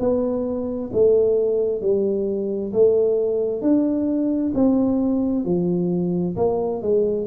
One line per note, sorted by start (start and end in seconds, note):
0.00 0.91 B3
0.93 1.81 A3
1.81 2.72 G3
2.73 3.62 A3
3.62 4.52 D4
4.55 5.45 C4
5.45 6.36 F3
6.36 6.82 A#3
6.82 7.27 G#3